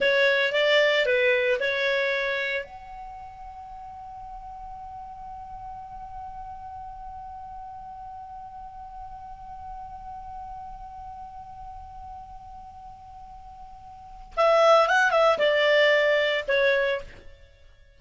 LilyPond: \new Staff \with { instrumentName = "clarinet" } { \time 4/4 \tempo 4 = 113 cis''4 d''4 b'4 cis''4~ | cis''4 fis''2.~ | fis''1~ | fis''1~ |
fis''1~ | fis''1~ | fis''2. e''4 | fis''8 e''8 d''2 cis''4 | }